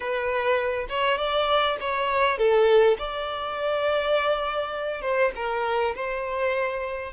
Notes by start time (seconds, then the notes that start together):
0.00 B4
0.89 C#5
1.17 D5
1.80 C#5
2.38 A4
2.98 D5
5.01 C5
5.35 A#4
5.95 C5